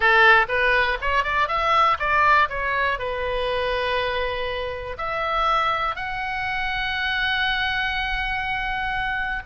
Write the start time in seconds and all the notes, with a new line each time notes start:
0.00 A4
0.48 B4
1.01 C#5
1.23 D5
1.48 E5
1.99 D5
2.49 C#5
2.98 B4
4.97 E5
5.95 F#5